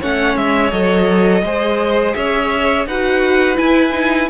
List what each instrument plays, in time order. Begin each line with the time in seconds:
0.00 cello A3, viola C#4, violin C#5 F#5
0.37 cello G#3, violin E5
0.72 cello F#3, viola A4, violin D#5
1.43 cello G#3, viola G#4, violin C5
2.15 cello C#4, violin C#5 E5
2.87 cello D#4, viola F#4, violin B4 F#5
3.55 viola E4, cello E4, violin G#5
3.93 viola D#4